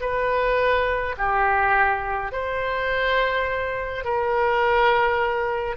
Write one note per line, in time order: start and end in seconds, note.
0.00 1.15 B4
1.17 2.32 G4
2.32 4.04 C5
4.04 5.76 A#4